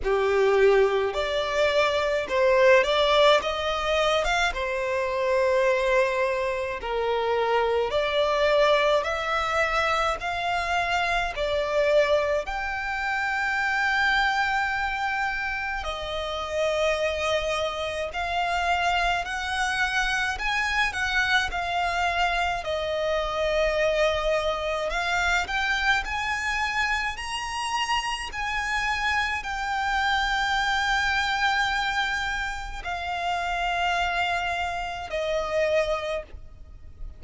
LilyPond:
\new Staff \with { instrumentName = "violin" } { \time 4/4 \tempo 4 = 53 g'4 d''4 c''8 d''8 dis''8. f''16 | c''2 ais'4 d''4 | e''4 f''4 d''4 g''4~ | g''2 dis''2 |
f''4 fis''4 gis''8 fis''8 f''4 | dis''2 f''8 g''8 gis''4 | ais''4 gis''4 g''2~ | g''4 f''2 dis''4 | }